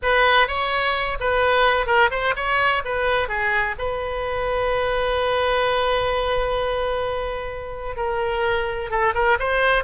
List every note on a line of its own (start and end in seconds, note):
0.02 0.47 B4
0.47 1.18 C#5
1.20 1.86 B4
1.86 2.10 A#4
2.11 2.34 C5
2.35 2.82 C#5
2.85 3.28 B4
3.28 3.75 G#4
3.78 7.96 B4
7.96 8.90 A#4
8.90 9.13 A4
9.14 9.37 A#4
9.39 9.84 C5